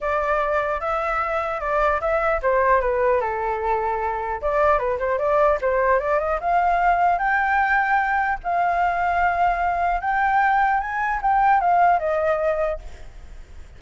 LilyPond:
\new Staff \with { instrumentName = "flute" } { \time 4/4 \tempo 4 = 150 d''2 e''2 | d''4 e''4 c''4 b'4 | a'2. d''4 | b'8 c''8 d''4 c''4 d''8 dis''8 |
f''2 g''2~ | g''4 f''2.~ | f''4 g''2 gis''4 | g''4 f''4 dis''2 | }